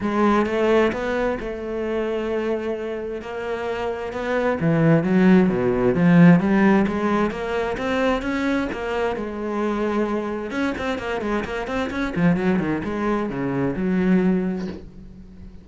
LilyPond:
\new Staff \with { instrumentName = "cello" } { \time 4/4 \tempo 4 = 131 gis4 a4 b4 a4~ | a2. ais4~ | ais4 b4 e4 fis4 | b,4 f4 g4 gis4 |
ais4 c'4 cis'4 ais4 | gis2. cis'8 c'8 | ais8 gis8 ais8 c'8 cis'8 f8 fis8 dis8 | gis4 cis4 fis2 | }